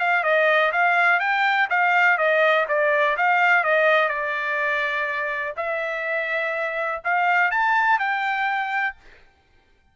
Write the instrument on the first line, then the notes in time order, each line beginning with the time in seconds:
trumpet
0.00 F5
0.24 D#5
0.73 F5
1.20 G5
1.70 F5
2.18 D#5
2.69 D5
3.18 F5
3.64 D#5
4.09 D5
5.57 E5
7.05 F5
7.52 A5
7.99 G5